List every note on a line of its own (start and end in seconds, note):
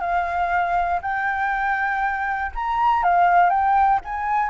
0.00 1.00 F5
1.02 2.52 G5
2.55 3.03 A#5
3.03 3.50 F5
3.50 4.00 G5
4.05 4.49 G#5